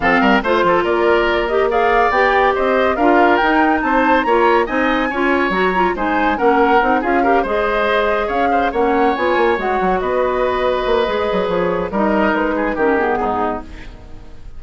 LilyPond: <<
  \new Staff \with { instrumentName = "flute" } { \time 4/4 \tempo 4 = 141 f''4 c''4 d''4. dis''8 | f''4 g''4 dis''4 f''4 | g''4 a''4 ais''4 gis''4~ | gis''4 ais''4 gis''4 fis''4~ |
fis''8 f''4 dis''2 f''8~ | f''8 fis''4 gis''4 fis''4 dis''8~ | dis''2. cis''4 | dis''4 b'4 ais'8 gis'4. | }
  \new Staff \with { instrumentName = "oboe" } { \time 4/4 a'8 ais'8 c''8 a'8 ais'2 | d''2 c''4 ais'4~ | ais'4 c''4 cis''4 dis''4 | cis''2 c''4 ais'4~ |
ais'8 gis'8 ais'8 c''2 cis''8 | c''8 cis''2. b'8~ | b'1 | ais'4. gis'8 g'4 dis'4 | }
  \new Staff \with { instrumentName = "clarinet" } { \time 4/4 c'4 f'2~ f'8 g'8 | gis'4 g'2 f'4 | dis'2 f'4 dis'4 | f'4 fis'8 f'8 dis'4 cis'4 |
dis'8 f'8 g'8 gis'2~ gis'8~ | gis'8 cis'4 f'4 fis'4.~ | fis'2 gis'2 | dis'2 cis'8 b4. | }
  \new Staff \with { instrumentName = "bassoon" } { \time 4/4 f8 g8 a8 f8 ais2~ | ais4 b4 c'4 d'4 | dis'4 c'4 ais4 c'4 | cis'4 fis4 gis4 ais4 |
c'8 cis'4 gis2 cis'8~ | cis'8 ais4 b8 ais8 gis8 fis8 b8~ | b4. ais8 gis8 fis8 f4 | g4 gis4 dis4 gis,4 | }
>>